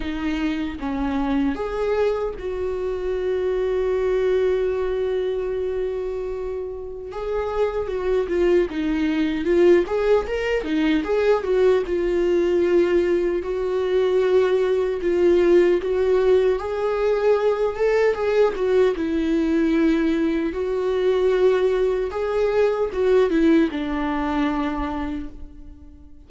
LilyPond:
\new Staff \with { instrumentName = "viola" } { \time 4/4 \tempo 4 = 76 dis'4 cis'4 gis'4 fis'4~ | fis'1~ | fis'4 gis'4 fis'8 f'8 dis'4 | f'8 gis'8 ais'8 dis'8 gis'8 fis'8 f'4~ |
f'4 fis'2 f'4 | fis'4 gis'4. a'8 gis'8 fis'8 | e'2 fis'2 | gis'4 fis'8 e'8 d'2 | }